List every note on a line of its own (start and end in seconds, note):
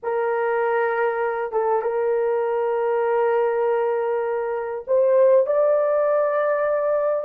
0.02 1.52 A#4
1.52 1.82 A4
1.82 4.85 A#4
4.87 5.46 C5
5.46 7.24 D5